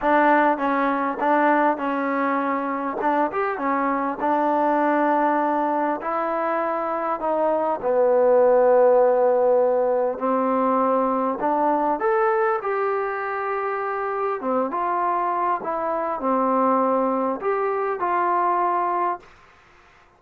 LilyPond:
\new Staff \with { instrumentName = "trombone" } { \time 4/4 \tempo 4 = 100 d'4 cis'4 d'4 cis'4~ | cis'4 d'8 g'8 cis'4 d'4~ | d'2 e'2 | dis'4 b2.~ |
b4 c'2 d'4 | a'4 g'2. | c'8 f'4. e'4 c'4~ | c'4 g'4 f'2 | }